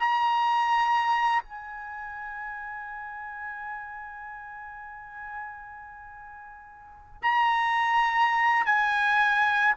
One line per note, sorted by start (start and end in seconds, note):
0.00 1.43 A#5
1.43 7.21 G#5
7.23 8.66 A#5
8.66 9.74 G#5